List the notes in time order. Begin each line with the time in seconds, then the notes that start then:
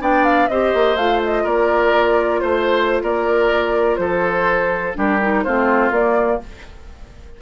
0.00 B3 D4 D5 G5
0.25 F5
0.48 C4 G4 C5 D#5
0.74 A#3
0.96 A3 F4 F5
1.25 D#5
1.44 A#3 A#4 D5
2.40 A3 C5
3.03 A#3 A#4 D5
3.97 F3 A4 C5
4.95 G3 D4 G4 A#4
5.22 D#4
5.44 A3 C4 F4 C5
5.91 A#3 D5